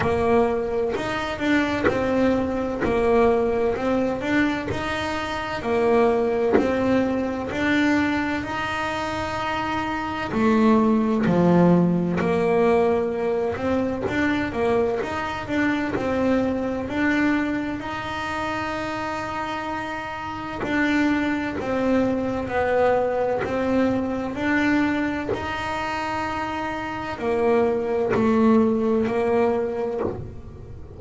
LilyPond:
\new Staff \with { instrumentName = "double bass" } { \time 4/4 \tempo 4 = 64 ais4 dis'8 d'8 c'4 ais4 | c'8 d'8 dis'4 ais4 c'4 | d'4 dis'2 a4 | f4 ais4. c'8 d'8 ais8 |
dis'8 d'8 c'4 d'4 dis'4~ | dis'2 d'4 c'4 | b4 c'4 d'4 dis'4~ | dis'4 ais4 a4 ais4 | }